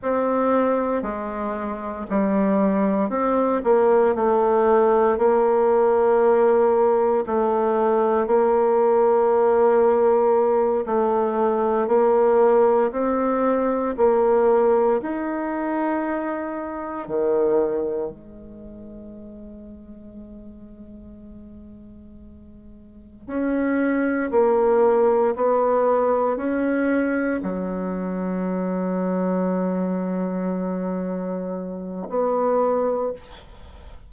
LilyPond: \new Staff \with { instrumentName = "bassoon" } { \time 4/4 \tempo 4 = 58 c'4 gis4 g4 c'8 ais8 | a4 ais2 a4 | ais2~ ais8 a4 ais8~ | ais8 c'4 ais4 dis'4.~ |
dis'8 dis4 gis2~ gis8~ | gis2~ gis8 cis'4 ais8~ | ais8 b4 cis'4 fis4.~ | fis2. b4 | }